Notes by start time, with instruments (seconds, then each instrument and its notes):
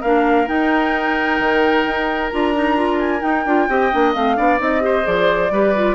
0.00 bassoon A#3, clarinet D4, oboe A#4, flute F5
0.47 clarinet D#4, bassoon D#4, flute G5
1.39 bassoon D#3
1.85 bassoon D#4
2.30 bassoon D4, clarinet F4, flute A#5
2.54 clarinet D#4
2.76 clarinet F4
2.99 flute G#5
3.20 clarinet D#4, bassoon D#4, flute G5
3.45 bassoon D4, clarinet F4
3.68 bassoon C4, clarinet G4, oboe D#5
3.91 bassoon A#3, clarinet D4
4.14 bassoon A3, clarinet C4, flute F5
4.36 bassoon B3, clarinet D4, oboe D5
4.58 bassoon C4, clarinet D#4, flute D#5
4.80 clarinet G4, oboe C5
5.03 bassoon F3, clarinet G#4, flute D5
5.50 bassoon G3, clarinet G4, oboe B4
5.75 clarinet F4